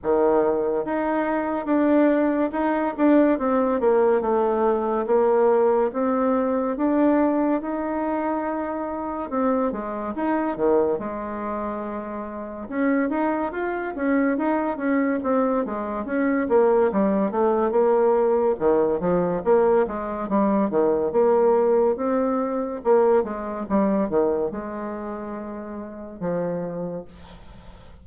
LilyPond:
\new Staff \with { instrumentName = "bassoon" } { \time 4/4 \tempo 4 = 71 dis4 dis'4 d'4 dis'8 d'8 | c'8 ais8 a4 ais4 c'4 | d'4 dis'2 c'8 gis8 | dis'8 dis8 gis2 cis'8 dis'8 |
f'8 cis'8 dis'8 cis'8 c'8 gis8 cis'8 ais8 | g8 a8 ais4 dis8 f8 ais8 gis8 | g8 dis8 ais4 c'4 ais8 gis8 | g8 dis8 gis2 f4 | }